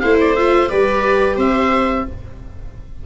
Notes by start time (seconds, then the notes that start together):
0.00 A3 E4 C5 F5
0.21 D5
0.36 F4 E5
0.69 G3 G4 B4 D5
1.36 C4 C5 E5